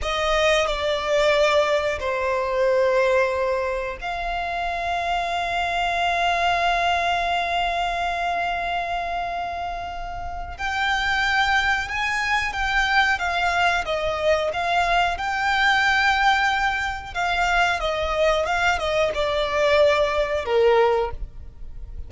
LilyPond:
\new Staff \with { instrumentName = "violin" } { \time 4/4 \tempo 4 = 91 dis''4 d''2 c''4~ | c''2 f''2~ | f''1~ | f''1 |
g''2 gis''4 g''4 | f''4 dis''4 f''4 g''4~ | g''2 f''4 dis''4 | f''8 dis''8 d''2 ais'4 | }